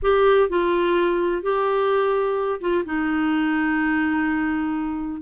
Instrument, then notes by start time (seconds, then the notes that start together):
clarinet
0.02 G4
0.49 F4
1.42 G4
2.60 F4
2.85 D#4